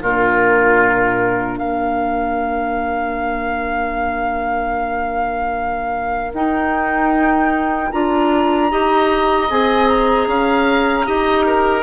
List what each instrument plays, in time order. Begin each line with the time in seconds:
0.00 bassoon A#2, clarinet D4, oboe F4, flute A#4
1.58 bassoon A#3, oboe A#4, flute F5
6.33 bassoon D#4, clarinet D#4, flute G5
7.91 bassoon D4, clarinet F4, flute A#5
8.70 bassoon D#4, clarinet G4, oboe D#5
9.49 bassoon C4, clarinet G#4, flute G#5
9.87 flute A#5
10.27 bassoon C#4, oboe F5
11.05 bassoon D#4, clarinet G4, oboe D#5
11.46 oboe A#4